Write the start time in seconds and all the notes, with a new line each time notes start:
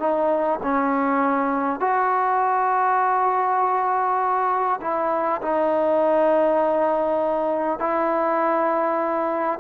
0.00 D#4
0.63 C#4
1.80 F#4
4.82 E4
5.42 D#4
7.79 E4